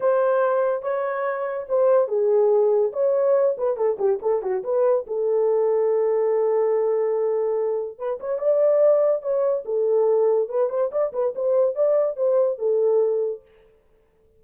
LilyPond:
\new Staff \with { instrumentName = "horn" } { \time 4/4 \tempo 4 = 143 c''2 cis''2 | c''4 gis'2 cis''4~ | cis''8 b'8 a'8 g'8 a'8 fis'8 b'4 | a'1~ |
a'2. b'8 cis''8 | d''2 cis''4 a'4~ | a'4 b'8 c''8 d''8 b'8 c''4 | d''4 c''4 a'2 | }